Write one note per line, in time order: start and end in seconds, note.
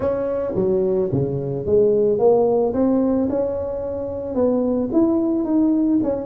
0.00 0.53 C#4
0.55 1.10 F#3
1.12 1.66 C#3
1.66 2.18 G#3
2.18 2.73 A#3
2.73 3.28 C4
3.29 4.34 C#4
4.34 4.89 B3
4.92 5.44 E4
5.44 5.99 D#4
6.03 6.25 C#4